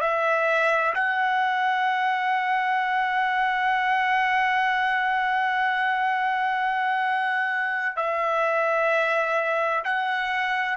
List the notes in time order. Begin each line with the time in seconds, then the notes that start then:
0.00 E5
0.95 F#5
7.96 E5
9.84 F#5